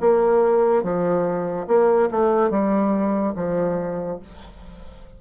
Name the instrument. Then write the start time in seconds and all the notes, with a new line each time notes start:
bassoon
0.00 A#3
0.83 F3
1.67 A#3
2.11 A3
2.50 G3
3.35 F3